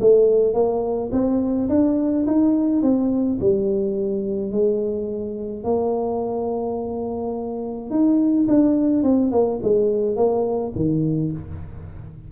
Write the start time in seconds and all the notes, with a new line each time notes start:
0.00 A3
0.54 A#3
1.12 C4
1.69 D4
2.26 D#4
2.82 C4
3.40 G3
4.51 G#3
5.64 A#3
7.90 D#4
8.48 D4
9.03 C4
9.31 A#3
9.62 G#3
10.16 A#3
10.75 D#3